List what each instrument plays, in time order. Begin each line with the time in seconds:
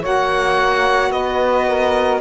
0.00 cello A#3, saxophone F#4 C#5, violin F#5
1.10 cello B3, saxophone B4, violin D#5
1.66 saxophone A#4